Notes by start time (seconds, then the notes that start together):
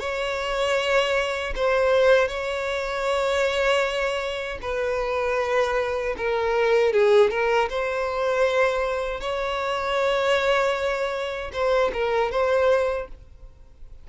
0.00 C#5
1.56 C5
2.28 C#5
4.62 B4
6.18 A#4
6.93 G#4
7.31 A#4
7.70 C5
9.21 C#5
11.53 C5
11.93 A#4
12.31 C5